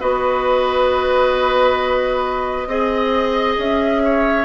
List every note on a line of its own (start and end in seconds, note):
0.00 2.67 B3
0.00 2.69 F#4
0.00 2.69 B4
0.00 3.59 D#5
2.67 3.57 C4
2.67 4.45 G#4
2.67 4.03 D#5
3.58 4.45 C#4
3.58 4.45 E5
4.04 4.45 C#5